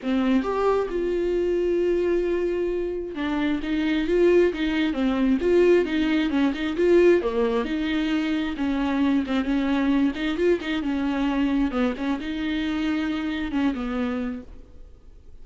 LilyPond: \new Staff \with { instrumentName = "viola" } { \time 4/4 \tempo 4 = 133 c'4 g'4 f'2~ | f'2. d'4 | dis'4 f'4 dis'4 c'4 | f'4 dis'4 cis'8 dis'8 f'4 |
ais4 dis'2 cis'4~ | cis'8 c'8 cis'4. dis'8 f'8 dis'8 | cis'2 b8 cis'8 dis'4~ | dis'2 cis'8 b4. | }